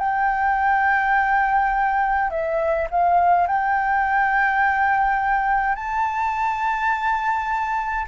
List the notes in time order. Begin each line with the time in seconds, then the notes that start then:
0.00 G5
2.31 E5
2.91 F5
3.47 G5
5.76 A5